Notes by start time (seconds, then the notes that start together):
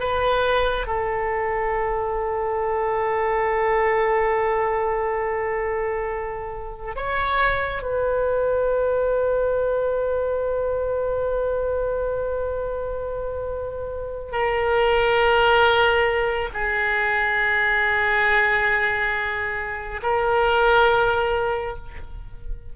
0.00 B4
0.87 A4
6.96 C#5
7.82 B4
14.32 A#4
16.53 G#4
20.02 A#4